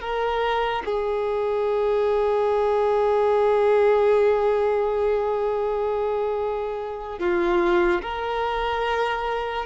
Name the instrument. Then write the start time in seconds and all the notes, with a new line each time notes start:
violin
0.00 A#4
0.85 G#4
7.19 F4
8.01 A#4